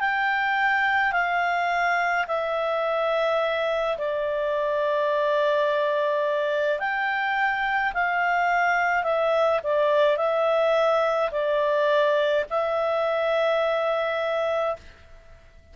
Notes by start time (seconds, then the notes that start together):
0.00 G5
1.12 F5
2.27 E5
3.98 D5
6.80 G5
7.94 F5
9.04 E5
9.64 D5
10.17 E5
11.32 D5
12.50 E5